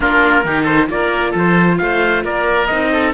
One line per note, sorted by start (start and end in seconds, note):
0.00 0.44 A#3
0.00 0.43 D4
0.00 0.44 F4
0.00 0.65 A#4
0.44 0.89 D#3
0.44 0.87 D#4
0.44 0.62 G4
0.62 0.85 A4
0.62 0.87 C5
0.87 1.33 A#3
0.87 2.67 F4
0.87 1.31 A#4
0.87 1.35 D5
1.31 1.79 F3
1.31 1.75 A4
1.38 1.78 C5
1.78 2.24 A3
1.78 2.24 C5
1.78 2.22 F5
2.24 2.69 A#3
2.24 2.91 A#4
2.24 2.66 D5
2.66 3.13 C4
2.66 3.13 D#4
2.66 3.11 D#5
2.92 3.13 A4